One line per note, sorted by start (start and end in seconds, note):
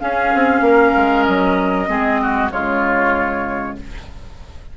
0.00 1.88 C#4
0.00 0.34 C#4
0.00 0.64 G#4
0.00 1.24 F5
0.34 0.61 C4
0.61 0.92 A#3
0.61 1.89 A#4
0.96 1.27 G#3
1.24 1.88 F#3
1.24 2.49 D#5
1.88 2.51 G#3
1.88 2.50 C4
1.88 2.21 G#4
2.22 2.52 F#4
2.51 3.77 C#3
2.51 3.76 G#3
2.51 3.77 F4
2.51 3.76 C#5